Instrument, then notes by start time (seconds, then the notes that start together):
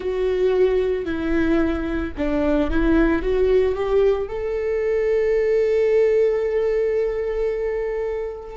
viola
0.00 F#4
1.05 E4
2.17 D4
2.70 E4
3.22 F#4
3.75 G4
4.28 A4